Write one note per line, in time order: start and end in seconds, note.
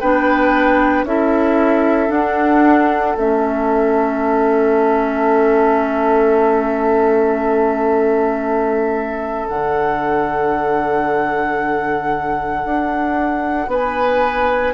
0.00 1.04 B3
0.00 1.07 D4
0.00 1.05 B4
0.00 1.05 G5
1.04 2.09 C#4
1.04 2.08 E4
1.04 13.69 A4
1.04 2.11 E5
2.08 3.14 D4
2.08 3.16 D4
2.08 3.16 F#5
3.16 9.48 A3
3.16 9.50 C#4
3.16 9.48 E5
9.48 12.65 D3
9.48 14.74 D4
9.48 13.70 F#5
12.65 13.67 D4
13.67 14.73 B3
13.67 14.74 B4
13.67 14.74 G#5